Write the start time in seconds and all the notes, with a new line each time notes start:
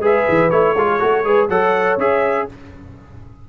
0.00 G#3 G#4 B4 E5
0.29 E3
0.50 A3 E4 C#5
0.74 G#3 F4 A4
0.88 G#4
0.99 A3 F#4 A4
1.24 G#3 G#4 B4
1.49 F#3 A4 C#5 F#5
1.98 C#4 G#4 E5